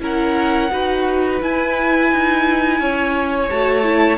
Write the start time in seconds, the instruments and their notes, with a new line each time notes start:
0.00 cello C#4, viola E4, violin A#4 F#5
0.71 cello D#4, viola F#4, violin B4
1.41 viola E4, cello E4, violin G#5
2.12 cello D#4
2.80 cello C#4, violin C#5
3.50 cello A3, viola F#4, violin A5
3.83 viola E4